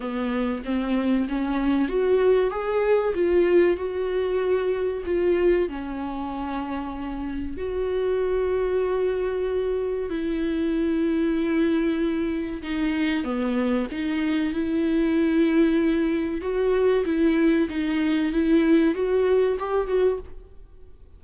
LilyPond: \new Staff \with { instrumentName = "viola" } { \time 4/4 \tempo 4 = 95 b4 c'4 cis'4 fis'4 | gis'4 f'4 fis'2 | f'4 cis'2. | fis'1 |
e'1 | dis'4 b4 dis'4 e'4~ | e'2 fis'4 e'4 | dis'4 e'4 fis'4 g'8 fis'8 | }